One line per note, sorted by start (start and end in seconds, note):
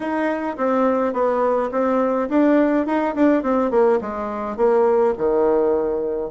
0.00 0.56 D#4
0.57 1.13 C4
1.13 1.70 B3
1.71 2.28 C4
2.29 2.86 D4
2.86 3.14 D#4
3.15 3.42 D4
3.42 3.70 C4
3.70 3.99 A#3
4.01 4.56 G#3
4.56 5.14 A#3
5.17 6.30 D#3